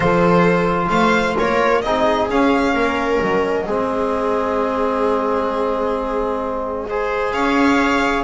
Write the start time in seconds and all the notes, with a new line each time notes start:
0.00 F3 F4 A4 C5
0.89 A3 C5 F5
1.36 A#3 A#4 C#5
1.81 C4 D#4 G#4 D#5
2.29 C#4 F5
2.74 A#3 A#4
3.21 F#3 D#5
3.66 G#3 C4 G#4
6.89 G#4 C5
7.32 C#4 C#5 F5